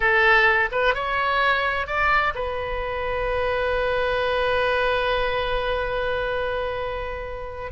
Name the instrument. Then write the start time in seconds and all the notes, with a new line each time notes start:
oboe
0.00 A4
0.71 B4
0.94 C#5
1.86 D5
2.34 B4